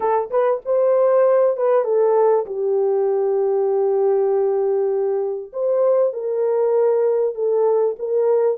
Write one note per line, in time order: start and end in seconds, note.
0.00 0.29 A4
0.30 0.61 B4
0.65 1.56 C5
1.56 1.84 B4
1.84 2.45 A4
2.46 5.52 G4
5.52 6.13 C5
6.13 7.34 A#4
7.34 7.96 A4
7.98 8.57 A#4